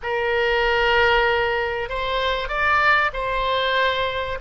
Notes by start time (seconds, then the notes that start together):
0.03 A#4
1.89 C5
2.48 D5
3.13 C5